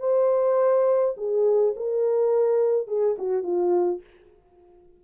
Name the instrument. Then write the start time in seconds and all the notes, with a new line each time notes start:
horn
0.00 C5
1.17 G#4
1.76 A#4
2.87 G#4
3.19 F#4
3.43 F4